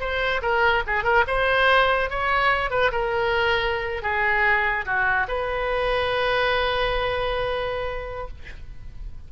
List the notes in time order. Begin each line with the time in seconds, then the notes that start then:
0.00 C5
0.42 A#4
0.87 G#4
1.04 A#4
1.27 C5
2.10 C#5
2.70 B4
2.92 A#4
4.03 G#4
4.86 F#4
5.28 B4